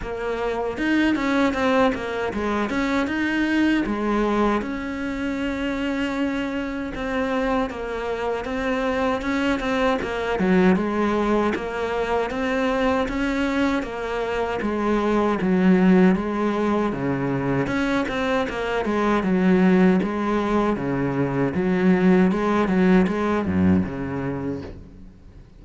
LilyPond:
\new Staff \with { instrumentName = "cello" } { \time 4/4 \tempo 4 = 78 ais4 dis'8 cis'8 c'8 ais8 gis8 cis'8 | dis'4 gis4 cis'2~ | cis'4 c'4 ais4 c'4 | cis'8 c'8 ais8 fis8 gis4 ais4 |
c'4 cis'4 ais4 gis4 | fis4 gis4 cis4 cis'8 c'8 | ais8 gis8 fis4 gis4 cis4 | fis4 gis8 fis8 gis8 fis,8 cis4 | }